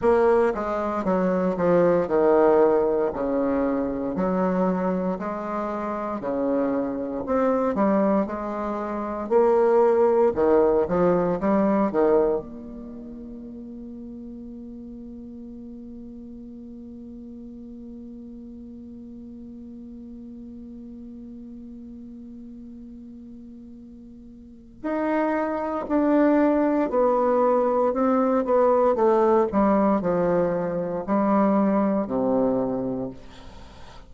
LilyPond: \new Staff \with { instrumentName = "bassoon" } { \time 4/4 \tempo 4 = 58 ais8 gis8 fis8 f8 dis4 cis4 | fis4 gis4 cis4 c'8 g8 | gis4 ais4 dis8 f8 g8 dis8 | ais1~ |
ais1~ | ais1 | dis'4 d'4 b4 c'8 b8 | a8 g8 f4 g4 c4 | }